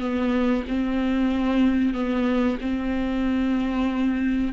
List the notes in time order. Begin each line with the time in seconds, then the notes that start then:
0.00 B3
0.68 C4
1.94 B3
2.61 C4